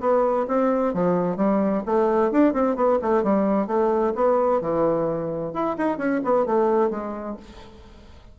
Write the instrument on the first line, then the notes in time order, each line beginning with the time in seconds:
bassoon
0.00 B3
0.48 C4
0.94 F3
1.37 G3
1.86 A3
2.31 D4
2.53 C4
2.75 B3
3.02 A3
3.23 G3
3.67 A3
4.15 B3
4.61 E3
5.53 E4
5.78 D#4
5.98 C#4
6.24 B3
6.46 A3
6.90 G#3